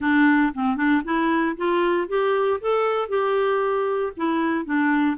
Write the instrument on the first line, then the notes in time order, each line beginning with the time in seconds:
clarinet
0.00 D4
0.54 C4
0.76 D4
1.04 E4
1.57 F4
2.08 G4
2.60 A4
3.08 G4
4.17 E4
4.65 D4